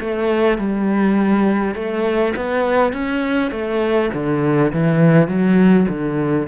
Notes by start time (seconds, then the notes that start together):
0.00 A3
0.58 G3
1.75 A3
2.36 B3
2.93 C#4
3.51 A3
4.14 D3
4.73 E3
5.28 F#3
5.88 D3